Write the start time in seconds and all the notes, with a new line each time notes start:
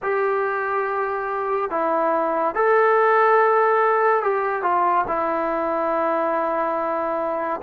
0.02 G4
1.70 E4
2.54 A4
4.23 G4
4.62 F4
5.07 E4